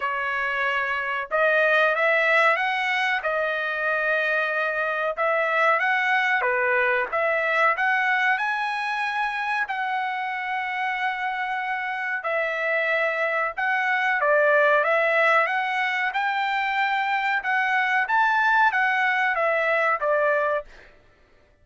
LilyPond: \new Staff \with { instrumentName = "trumpet" } { \time 4/4 \tempo 4 = 93 cis''2 dis''4 e''4 | fis''4 dis''2. | e''4 fis''4 b'4 e''4 | fis''4 gis''2 fis''4~ |
fis''2. e''4~ | e''4 fis''4 d''4 e''4 | fis''4 g''2 fis''4 | a''4 fis''4 e''4 d''4 | }